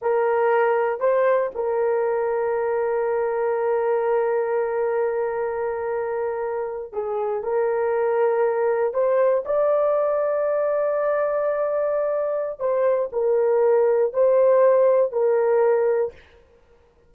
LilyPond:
\new Staff \with { instrumentName = "horn" } { \time 4/4 \tempo 4 = 119 ais'2 c''4 ais'4~ | ais'1~ | ais'1~ | ais'4.~ ais'16 gis'4 ais'4~ ais'16~ |
ais'4.~ ais'16 c''4 d''4~ d''16~ | d''1~ | d''4 c''4 ais'2 | c''2 ais'2 | }